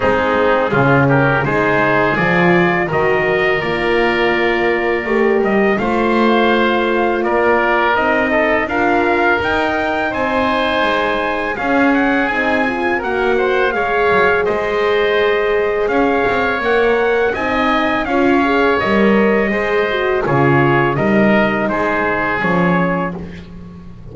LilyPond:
<<
  \new Staff \with { instrumentName = "trumpet" } { \time 4/4 \tempo 4 = 83 gis'4. ais'8 c''4 d''4 | dis''4 d''2~ d''8 dis''8 | f''2 d''4 dis''4 | f''4 g''4 gis''2 |
f''8 fis''8 gis''4 fis''4 f''4 | dis''2 f''4 fis''4 | gis''4 f''4 dis''2 | cis''4 dis''4 c''4 cis''4 | }
  \new Staff \with { instrumentName = "oboe" } { \time 4/4 dis'4 f'8 g'8 gis'2 | ais'1 | c''2 ais'4. a'8 | ais'2 c''2 |
gis'2 ais'8 c''8 cis''4 | c''2 cis''2 | dis''4 cis''2 c''4 | gis'4 ais'4 gis'2 | }
  \new Staff \with { instrumentName = "horn" } { \time 4/4 c'4 cis'4 dis'4 f'4 | fis'4 f'2 g'4 | f'2. dis'4 | f'4 dis'2. |
cis'4 dis'8 f'8 fis'4 gis'4~ | gis'2. ais'4 | dis'4 f'8 gis'8 ais'4 gis'8 fis'8 | f'4 dis'2 cis'4 | }
  \new Staff \with { instrumentName = "double bass" } { \time 4/4 gis4 cis4 gis4 f4 | dis4 ais2 a8 g8 | a2 ais4 c'4 | d'4 dis'4 c'4 gis4 |
cis'4 c'4 ais4 gis8 fis8 | gis2 cis'8 c'8 ais4 | c'4 cis'4 g4 gis4 | cis4 g4 gis4 f4 | }
>>